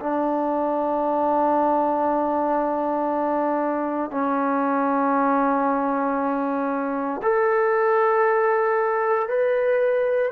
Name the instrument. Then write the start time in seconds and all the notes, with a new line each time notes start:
trombone
0.00 D4
4.11 C#4
7.22 A4
9.29 B4